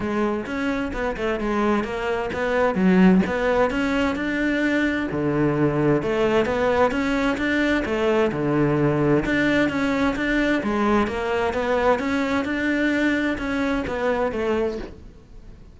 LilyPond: \new Staff \with { instrumentName = "cello" } { \time 4/4 \tempo 4 = 130 gis4 cis'4 b8 a8 gis4 | ais4 b4 fis4 b4 | cis'4 d'2 d4~ | d4 a4 b4 cis'4 |
d'4 a4 d2 | d'4 cis'4 d'4 gis4 | ais4 b4 cis'4 d'4~ | d'4 cis'4 b4 a4 | }